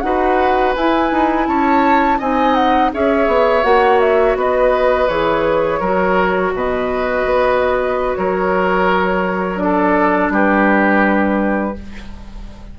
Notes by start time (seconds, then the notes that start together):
0.00 D#4 F#4 B4 F#5
0.75 E4 G#5
1.11 D#4
1.46 C#4 C#5 A5
2.18 C4 D#4 D#5 G#5
2.54 F#5
2.93 C#4 G#4 C#5 E5
3.27 B3
3.63 A#3 F#4 F#5
4.00 E5
4.35 B3 B4 D#5
5.08 E3 G#4 C#5
5.79 F#3 F#4 A#4
6.53 B2 B4 D#5
7.25 B3
8.15 F#3 A#4 C#5
9.56 D4 D5
9.63 A4
10.29 G3 G4 B4